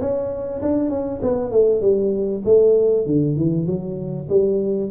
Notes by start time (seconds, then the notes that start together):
0.00 C#4
0.62 D4
0.90 C#4
1.22 B3
1.51 A3
1.81 G3
2.45 A3
3.06 D3
3.36 E3
3.67 F#3
4.29 G3